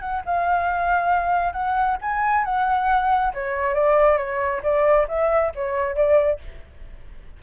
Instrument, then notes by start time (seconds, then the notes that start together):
flute
0.00 F#5
0.25 F5
1.52 F#5
2.01 G#5
2.44 F#5
3.33 C#5
3.74 D5
4.17 C#5
4.63 D5
5.08 E5
5.55 C#5
5.95 D5